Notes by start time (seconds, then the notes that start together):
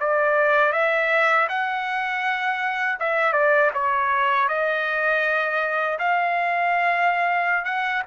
0.00 D5
0.72 E5
1.49 F#5
3.00 E5
3.33 D5
3.74 C#5
4.48 D#5
5.98 F5
7.65 F#5